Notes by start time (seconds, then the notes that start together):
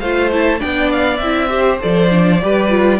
0.00 A3 F4 C5 F5
0.33 E4 A5
0.60 B3 D4 D5 G5
0.92 F5
1.18 C4 E4 E5
1.49 G4 C5
1.80 F3 A4 D5
2.11 D4
2.42 G3 G4 B4
2.70 F4